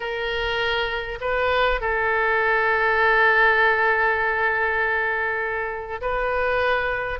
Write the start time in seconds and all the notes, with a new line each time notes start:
0.00 A#4
1.21 B4
1.80 A4
6.01 B4